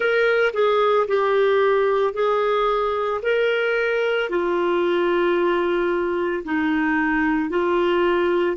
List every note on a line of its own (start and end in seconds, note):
0.00 0.52 A#4
0.53 1.06 G#4
1.07 2.13 G4
2.13 3.20 G#4
3.22 4.29 A#4
4.29 6.43 F4
6.44 7.49 D#4
7.49 8.56 F4